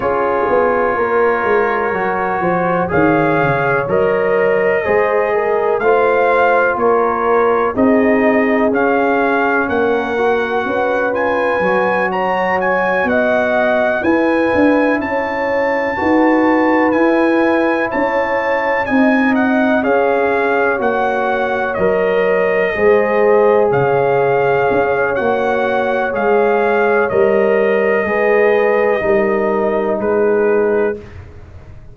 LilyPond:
<<
  \new Staff \with { instrumentName = "trumpet" } { \time 4/4 \tempo 4 = 62 cis''2. f''4 | dis''2 f''4 cis''4 | dis''4 f''4 fis''4. gis''8~ | gis''8 ais''8 gis''8 fis''4 gis''4 a''8~ |
a''4. gis''4 a''4 gis''8 | fis''8 f''4 fis''4 dis''4.~ | dis''8 f''4. fis''4 f''4 | dis''2. b'4 | }
  \new Staff \with { instrumentName = "horn" } { \time 4/4 gis'4 ais'4. c''8 cis''4~ | cis''4 c''8 ais'8 c''4 ais'4 | gis'2 ais'4 b'4~ | b'8 cis''4 dis''4 b'4 cis''8~ |
cis''8 b'2 cis''4 dis''8~ | dis''8 cis''2. c''8~ | c''8 cis''2.~ cis''8~ | cis''4 b'4 ais'4 gis'4 | }
  \new Staff \with { instrumentName = "trombone" } { \time 4/4 f'2 fis'4 gis'4 | ais'4 gis'4 f'2 | dis'4 cis'4. fis'4 f'8 | fis'2~ fis'8 e'4.~ |
e'8 fis'4 e'2 dis'8~ | dis'8 gis'4 fis'4 ais'4 gis'8~ | gis'2 fis'4 gis'4 | ais'4 gis'4 dis'2 | }
  \new Staff \with { instrumentName = "tuba" } { \time 4/4 cis'8 b8 ais8 gis8 fis8 f8 dis8 cis8 | fis4 gis4 a4 ais4 | c'4 cis'4 ais4 cis'4 | fis4. b4 e'8 d'8 cis'8~ |
cis'8 dis'4 e'4 cis'4 c'8~ | c'8 cis'4 ais4 fis4 gis8~ | gis8 cis4 cis'8 ais4 gis4 | g4 gis4 g4 gis4 | }
>>